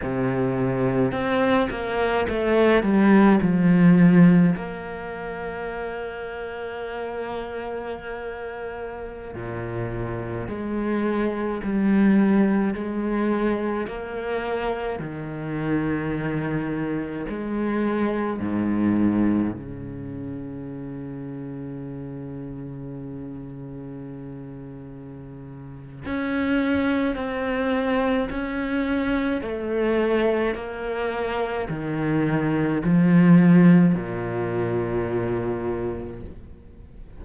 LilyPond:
\new Staff \with { instrumentName = "cello" } { \time 4/4 \tempo 4 = 53 c4 c'8 ais8 a8 g8 f4 | ais1~ | ais16 ais,4 gis4 g4 gis8.~ | gis16 ais4 dis2 gis8.~ |
gis16 gis,4 cis2~ cis8.~ | cis2. cis'4 | c'4 cis'4 a4 ais4 | dis4 f4 ais,2 | }